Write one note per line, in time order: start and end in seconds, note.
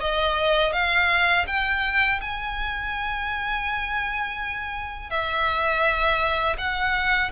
0.00 0.72 D#5
0.72 1.45 F5
1.47 2.20 G5
2.21 5.10 G#5
5.10 6.56 E5
6.58 7.31 F#5